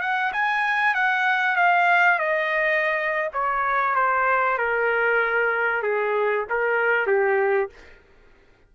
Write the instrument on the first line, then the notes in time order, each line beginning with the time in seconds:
trumpet
0.00 F#5
0.32 G#5
0.94 F#5
1.56 F5
2.18 D#5
3.33 C#5
3.95 C5
4.58 A#4
5.82 G#4
6.49 A#4
7.06 G4